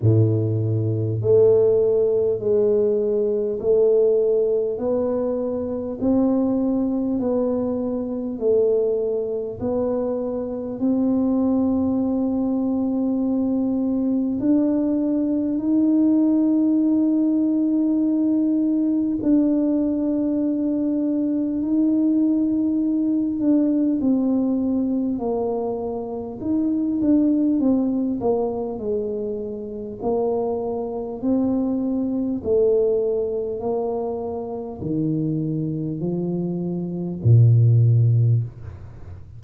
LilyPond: \new Staff \with { instrumentName = "tuba" } { \time 4/4 \tempo 4 = 50 a,4 a4 gis4 a4 | b4 c'4 b4 a4 | b4 c'2. | d'4 dis'2. |
d'2 dis'4. d'8 | c'4 ais4 dis'8 d'8 c'8 ais8 | gis4 ais4 c'4 a4 | ais4 dis4 f4 ais,4 | }